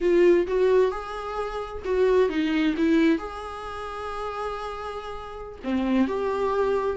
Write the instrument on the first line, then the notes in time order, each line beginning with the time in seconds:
viola
0.00 F4
0.47 F#4
0.91 G#4
1.84 F#4
2.29 D#4
2.77 E4
3.18 G#4
5.63 C4
6.07 G4